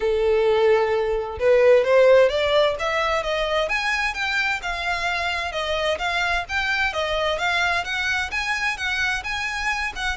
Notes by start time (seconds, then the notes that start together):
0.00 A4
1.39 B4
1.84 C5
2.29 D5
2.79 E5
3.23 D#5
3.69 G#5
4.14 G5
4.62 F5
5.52 D#5
5.98 F5
6.48 G5
6.93 D#5
7.38 F5
7.84 F#5
8.31 G#5
8.77 F#5
9.23 G#5
9.95 F#5